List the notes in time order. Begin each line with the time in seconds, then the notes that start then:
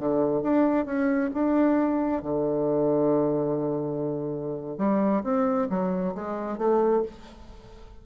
0.00 D3
0.43 D4
0.86 C#4
1.34 D4
2.23 D3
4.78 G3
5.24 C4
5.70 F#3
6.15 G#3
6.58 A3